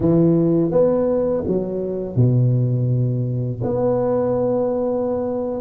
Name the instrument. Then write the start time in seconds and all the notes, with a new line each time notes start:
tuba
0.00 E3
0.71 B3
1.47 F#3
2.16 B2
3.63 B3